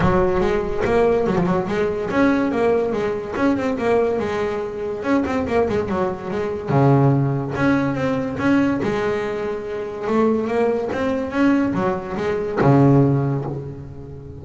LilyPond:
\new Staff \with { instrumentName = "double bass" } { \time 4/4 \tempo 4 = 143 fis4 gis4 ais4 fis16 f16 fis8 | gis4 cis'4 ais4 gis4 | cis'8 c'8 ais4 gis2 | cis'8 c'8 ais8 gis8 fis4 gis4 |
cis2 cis'4 c'4 | cis'4 gis2. | a4 ais4 c'4 cis'4 | fis4 gis4 cis2 | }